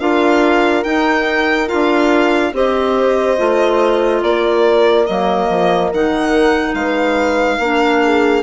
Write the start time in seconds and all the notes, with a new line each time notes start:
0.00 D4 F4 A#4 F5
0.84 D#4 G5
1.67 D4 F4 F5
2.53 C4 G4 C5 D#5
3.37 A3 F4
4.22 A#3 A#4 D5
5.06 F#3 A#3 D#5
5.49 F3
5.93 D#3 D#4 F#5
6.74 G#3 B4 F5
7.58 A#3 D4 A#4
8.04 G#4